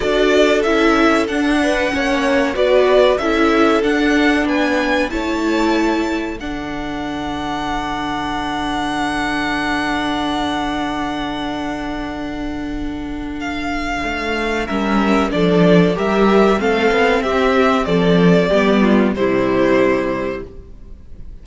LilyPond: <<
  \new Staff \with { instrumentName = "violin" } { \time 4/4 \tempo 4 = 94 d''4 e''4 fis''2 | d''4 e''4 fis''4 gis''4 | a''2 fis''2~ | fis''1~ |
fis''1~ | fis''4 f''2 e''4 | d''4 e''4 f''4 e''4 | d''2 c''2 | }
  \new Staff \with { instrumentName = "violin" } { \time 4/4 a'2~ a'8 b'8 cis''4 | b'4 a'2 b'4 | cis''2 a'2~ | a'1~ |
a'1~ | a'2. ais'4 | a'4 ais'4 a'4 g'4 | a'4 g'8 f'8 e'2 | }
  \new Staff \with { instrumentName = "viola" } { \time 4/4 fis'4 e'4 d'4 cis'4 | fis'4 e'4 d'2 | e'2 d'2~ | d'1~ |
d'1~ | d'2. cis'4 | d'4 g'4 c'2~ | c'4 b4 g2 | }
  \new Staff \with { instrumentName = "cello" } { \time 4/4 d'4 cis'4 d'4 ais4 | b4 cis'4 d'4 b4 | a2 d2~ | d1~ |
d1~ | d2 a4 g4 | f4 g4 a8 b8 c'4 | f4 g4 c2 | }
>>